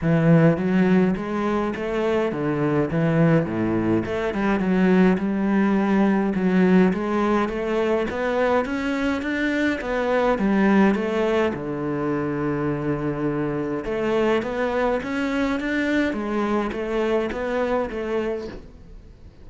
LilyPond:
\new Staff \with { instrumentName = "cello" } { \time 4/4 \tempo 4 = 104 e4 fis4 gis4 a4 | d4 e4 a,4 a8 g8 | fis4 g2 fis4 | gis4 a4 b4 cis'4 |
d'4 b4 g4 a4 | d1 | a4 b4 cis'4 d'4 | gis4 a4 b4 a4 | }